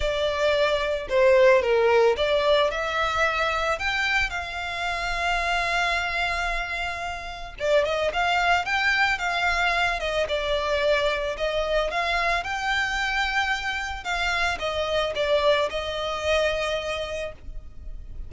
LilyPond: \new Staff \with { instrumentName = "violin" } { \time 4/4 \tempo 4 = 111 d''2 c''4 ais'4 | d''4 e''2 g''4 | f''1~ | f''2 d''8 dis''8 f''4 |
g''4 f''4. dis''8 d''4~ | d''4 dis''4 f''4 g''4~ | g''2 f''4 dis''4 | d''4 dis''2. | }